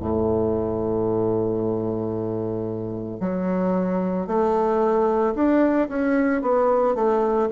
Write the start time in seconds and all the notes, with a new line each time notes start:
0.00 A2
3.20 F#3
4.28 A3
5.35 D4
5.89 C#4
6.42 B3
6.95 A3